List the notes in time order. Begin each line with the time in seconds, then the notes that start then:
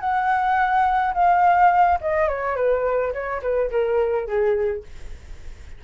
0.00 F#5
1.14 F5
2.01 D#5
2.27 C#5
2.55 B4
3.13 C#5
3.42 B4
3.70 A#4
4.27 G#4